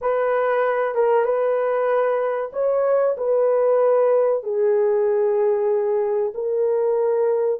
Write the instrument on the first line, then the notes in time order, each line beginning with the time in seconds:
horn
0.01 B4
0.94 A#4
1.24 B4
2.53 C#5
3.17 B4
4.43 G#4
6.34 A#4